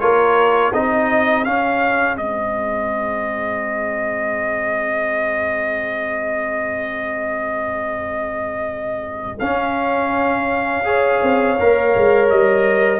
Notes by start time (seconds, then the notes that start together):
0.00 A#3 F4 A#4 C#5
0.73 C4 D#4 G#4 D#5
1.45 C#4 F5
2.17 G#3 C4 D#5
9.39 C#4 F5
10.84 G#4 C#5
11.23 C4
11.60 A#3 A#4
11.96 G#3
12.30 G3 D#5